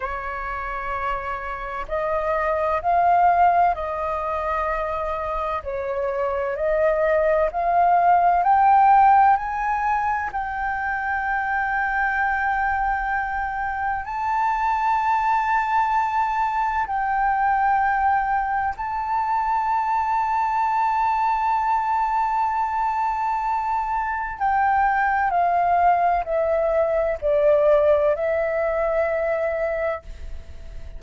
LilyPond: \new Staff \with { instrumentName = "flute" } { \time 4/4 \tempo 4 = 64 cis''2 dis''4 f''4 | dis''2 cis''4 dis''4 | f''4 g''4 gis''4 g''4~ | g''2. a''4~ |
a''2 g''2 | a''1~ | a''2 g''4 f''4 | e''4 d''4 e''2 | }